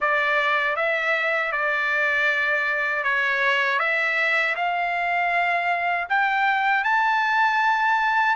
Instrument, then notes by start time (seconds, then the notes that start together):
trumpet
0.00 D5
0.76 E5
1.52 D5
3.03 C#5
3.79 E5
4.55 F5
6.09 G5
6.84 A5